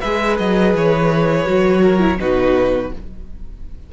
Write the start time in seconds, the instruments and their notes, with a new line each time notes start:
0.00 cello G#3, viola G#4, violin B4 E5
0.37 cello F#3, violin D#5
0.74 cello E3, violin C#5
1.45 cello F#3, viola F#4
1.82 violin A#4
1.99 viola E4
2.19 cello B2, viola D#4, violin F#4 B4